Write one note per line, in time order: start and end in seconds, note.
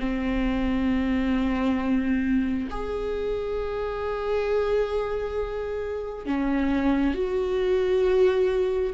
0.00 2.69 C4
2.71 6.26 G#4
6.26 7.14 C#4
7.14 8.93 F#4